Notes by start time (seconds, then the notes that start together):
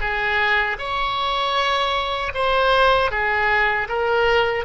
0.00 G#4
0.78 C#5
2.34 C5
3.11 G#4
3.88 A#4